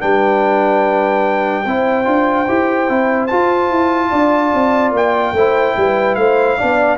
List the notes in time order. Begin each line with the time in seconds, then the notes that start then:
0.00 G3 D4 B4 G5
1.66 C4 E4 C5
2.04 D4 F4
2.48 E4 G4
2.88 C4 E4
3.27 F4 A5
3.70 E4
4.10 D4 D5
4.54 C4
4.91 A#3 G5
5.32 A3 E4 C5
5.76 G3 B4
6.15 A3 C5 F5
6.57 B3 D4 D5